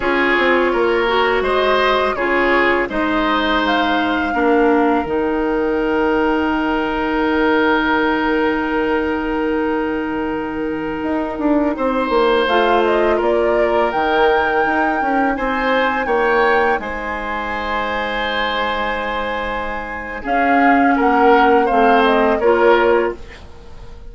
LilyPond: <<
  \new Staff \with { instrumentName = "flute" } { \time 4/4 \tempo 4 = 83 cis''2 dis''4 cis''4 | dis''4 f''2 g''4~ | g''1~ | g''1~ |
g''4~ g''16 f''8 dis''8 d''4 g''8.~ | g''4~ g''16 gis''4 g''4 gis''8.~ | gis''1 | f''4 fis''4 f''8 dis''8 cis''4 | }
  \new Staff \with { instrumentName = "oboe" } { \time 4/4 gis'4 ais'4 c''4 gis'4 | c''2 ais'2~ | ais'1~ | ais'1~ |
ais'16 c''2 ais'4.~ ais'16~ | ais'4~ ais'16 c''4 cis''4 c''8.~ | c''1 | gis'4 ais'4 c''4 ais'4 | }
  \new Staff \with { instrumentName = "clarinet" } { \time 4/4 f'4. fis'4. f'4 | dis'2 d'4 dis'4~ | dis'1~ | dis'1~ |
dis'4~ dis'16 f'2 dis'8.~ | dis'1~ | dis'1 | cis'2 c'4 f'4 | }
  \new Staff \with { instrumentName = "bassoon" } { \time 4/4 cis'8 c'8 ais4 gis4 cis4 | gis2 ais4 dis4~ | dis1~ | dis2.~ dis16 dis'8 d'16~ |
d'16 c'8 ais8 a4 ais4 dis8.~ | dis16 dis'8 cis'8 c'4 ais4 gis8.~ | gis1 | cis'4 ais4 a4 ais4 | }
>>